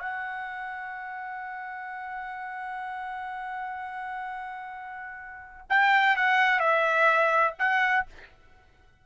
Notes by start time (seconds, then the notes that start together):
0.00 F#5
5.70 G5
6.17 F#5
6.60 E5
7.59 F#5